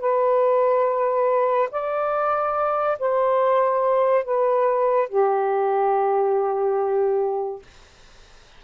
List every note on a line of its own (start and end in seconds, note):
0.00 1.69 B4
1.71 2.98 D5
2.99 4.24 C5
4.24 5.09 B4
5.09 7.62 G4